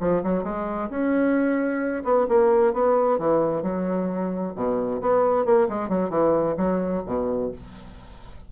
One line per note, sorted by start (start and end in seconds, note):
0.00 0.23 F3
0.23 0.44 F#3
0.44 0.89 G#3
0.90 2.03 C#4
2.04 2.27 B3
2.29 2.73 A#3
2.73 3.19 B3
3.19 3.63 E3
3.63 4.54 F#3
4.55 5.01 B2
5.01 5.45 B3
5.45 5.68 A#3
5.69 5.89 G#3
5.89 6.10 F#3
6.10 6.55 E3
6.57 7.03 F#3
7.06 7.51 B2